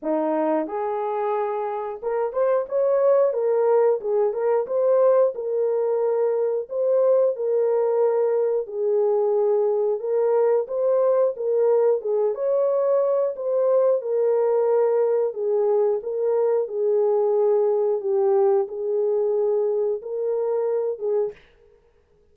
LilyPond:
\new Staff \with { instrumentName = "horn" } { \time 4/4 \tempo 4 = 90 dis'4 gis'2 ais'8 c''8 | cis''4 ais'4 gis'8 ais'8 c''4 | ais'2 c''4 ais'4~ | ais'4 gis'2 ais'4 |
c''4 ais'4 gis'8 cis''4. | c''4 ais'2 gis'4 | ais'4 gis'2 g'4 | gis'2 ais'4. gis'8 | }